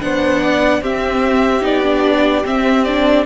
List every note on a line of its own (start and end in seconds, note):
0.00 0.81 B3
0.00 0.81 D4
0.00 0.42 C5
0.00 0.82 F#5
0.42 0.82 D5
0.81 1.61 C4
0.81 1.62 C4
0.81 3.25 G4
0.81 1.64 E5
1.61 2.43 B3
1.61 1.82 D#4
1.61 2.45 D5
1.83 2.44 D4
2.44 2.84 C4
2.44 3.25 C4
2.44 2.84 E5
2.84 3.25 D4
2.84 3.24 D5